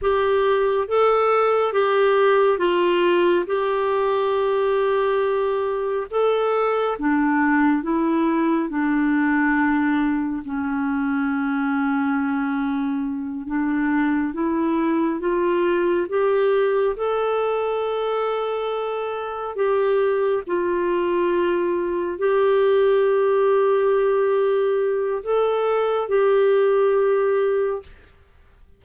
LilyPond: \new Staff \with { instrumentName = "clarinet" } { \time 4/4 \tempo 4 = 69 g'4 a'4 g'4 f'4 | g'2. a'4 | d'4 e'4 d'2 | cis'2.~ cis'8 d'8~ |
d'8 e'4 f'4 g'4 a'8~ | a'2~ a'8 g'4 f'8~ | f'4. g'2~ g'8~ | g'4 a'4 g'2 | }